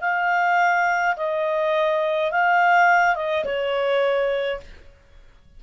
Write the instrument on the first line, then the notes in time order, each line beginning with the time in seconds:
clarinet
0.00 F5
1.16 D#5
2.31 F5
3.15 D#5
3.45 C#5